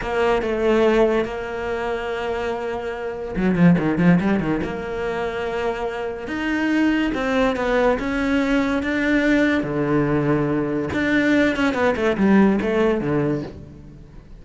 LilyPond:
\new Staff \with { instrumentName = "cello" } { \time 4/4 \tempo 4 = 143 ais4 a2 ais4~ | ais1 | fis8 f8 dis8 f8 g8 dis8 ais4~ | ais2. dis'4~ |
dis'4 c'4 b4 cis'4~ | cis'4 d'2 d4~ | d2 d'4. cis'8 | b8 a8 g4 a4 d4 | }